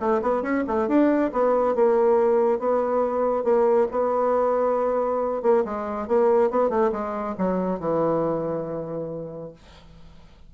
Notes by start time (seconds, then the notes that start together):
0.00 A3
0.22 B3
0.42 C#4
0.67 A3
0.88 D4
1.32 B3
1.75 A#3
2.59 B3
3.44 A#3
3.91 B3
5.42 A#3
5.65 G#3
6.08 A#3
6.50 B3
6.70 A3
6.92 G#3
7.38 F#3
7.80 E3